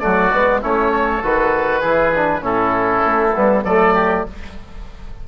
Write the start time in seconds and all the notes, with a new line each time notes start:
0.00 F#3 A3 F#4 D5
0.33 G#3 B3
0.61 A3 C#4 E4 C#5
0.91 A4
1.23 D#3 F#4 B4
1.80 E3 E4 G#4
2.15 D4
2.41 A2 C#4 E4 A4
3.06 A3
3.36 G3 B3
3.64 F#3 A3 A4 D5
3.94 G4